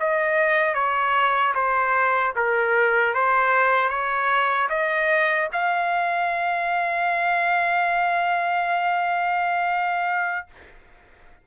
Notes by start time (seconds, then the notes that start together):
0.00 D#5
0.75 C#5
1.55 C5
2.36 A#4
3.15 C5
3.90 C#5
4.70 D#5
5.53 F5